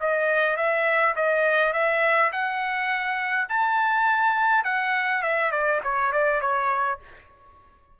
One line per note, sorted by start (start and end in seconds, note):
0.00 0.56 D#5
0.56 1.15 E5
1.16 1.73 D#5
1.73 2.31 E5
2.32 3.48 F#5
3.49 4.64 A5
4.64 5.22 F#5
5.22 5.51 E5
5.51 5.80 D5
5.83 6.12 C#5
6.12 6.41 D5
6.41 6.99 C#5